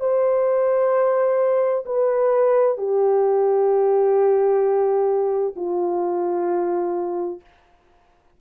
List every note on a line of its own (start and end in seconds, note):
0.00 1.85 C5
1.86 2.78 B4
2.78 5.55 G4
5.56 7.41 F4